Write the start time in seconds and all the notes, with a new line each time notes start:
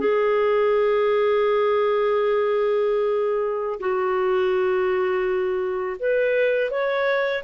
0.00 G#4
3.80 F#4
5.99 B4
6.71 C#5